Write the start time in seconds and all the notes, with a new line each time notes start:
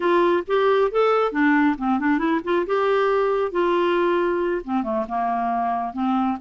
0.00 F4
0.47 G4
0.91 A4
1.32 D4
1.78 C4
1.99 D4
2.18 E4
2.44 F4
2.66 G4
3.51 F4
4.64 C4
4.83 A3
5.08 A#3
5.93 C4